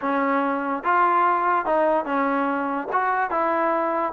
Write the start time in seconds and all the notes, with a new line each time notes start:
0.01 C#4
0.83 F4
1.65 D#4
2.05 C#4
2.92 F#4
3.30 E4